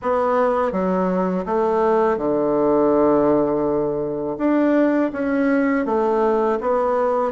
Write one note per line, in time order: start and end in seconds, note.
0.02 0.72 B3
0.72 1.45 F#3
1.45 2.17 A3
2.17 4.37 D3
4.38 5.11 D4
5.12 5.85 C#4
5.85 6.59 A3
6.61 7.32 B3